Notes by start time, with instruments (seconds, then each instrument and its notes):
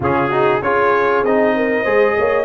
0.00 tuba C#3, trombone C#4, horn F4, trumpet G#4
0.29 trombone D#4, horn F#4
0.61 tuba C#4, trombone F4, horn G#4, trumpet C#5
1.23 tuba C4, trombone D#4, trumpet D#5
1.56 horn A#4
1.83 tuba G#3, trombone G#4, horn C5
2.17 tuba A#3, horn C#5